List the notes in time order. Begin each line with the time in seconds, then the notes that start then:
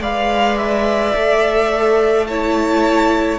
0.00 G#3 B4 D5 F5
0.58 E5
1.14 A3 A4
2.26 E4 C#5 A5